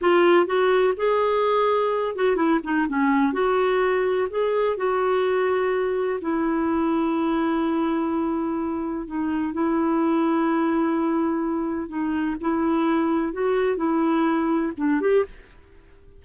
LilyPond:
\new Staff \with { instrumentName = "clarinet" } { \time 4/4 \tempo 4 = 126 f'4 fis'4 gis'2~ | gis'8 fis'8 e'8 dis'8 cis'4 fis'4~ | fis'4 gis'4 fis'2~ | fis'4 e'2.~ |
e'2. dis'4 | e'1~ | e'4 dis'4 e'2 | fis'4 e'2 d'8 g'8 | }